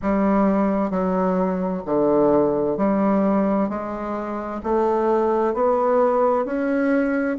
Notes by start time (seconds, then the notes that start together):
0.02 G3
0.90 F#3
1.85 D3
2.77 G3
3.69 G#3
4.63 A3
5.53 B3
6.44 C#4